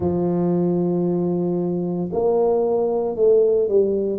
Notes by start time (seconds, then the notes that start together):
0.00 F3
2.12 A#3
3.15 A3
3.68 G3